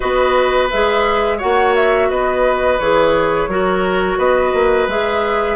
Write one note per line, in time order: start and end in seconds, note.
0.00 0.72 B3
0.00 0.69 F#4
0.00 1.37 B4
0.00 0.69 D#5
0.70 1.43 G#3
0.70 1.39 G#4
0.70 1.39 E5
1.37 2.09 A#3
1.37 2.78 F#4
1.37 2.07 C#5
1.37 1.74 F#5
1.75 2.09 E5
2.09 2.79 B3
2.09 3.49 B4
2.09 2.79 D#5
2.79 3.47 E3
2.79 3.49 G#4
2.79 4.18 C#5
3.47 4.17 F#3
3.47 4.89 F#4
3.47 4.18 A#4
4.17 4.52 B3
4.17 5.56 B4
4.17 4.88 D#5
4.53 4.87 A#3
4.87 5.56 G#3
4.87 5.56 G#4
4.87 5.56 E5